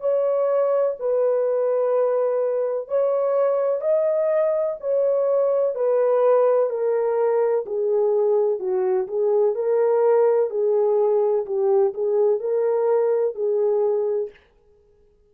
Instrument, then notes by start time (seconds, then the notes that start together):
horn
0.00 C#5
0.99 B4
2.88 C#5
3.81 D#5
4.80 C#5
5.75 B4
6.70 A#4
7.66 G#4
8.59 F#4
9.07 G#4
9.55 A#4
10.50 G#4
11.45 G4
11.94 G#4
12.40 A#4
13.35 G#4